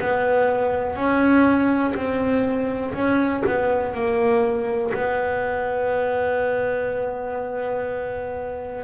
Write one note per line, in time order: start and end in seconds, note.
0.00 0.96 B3
0.96 1.94 C#4
1.95 2.93 C4
2.94 3.43 C#4
3.46 3.94 B3
3.94 4.92 A#3
4.94 8.84 B3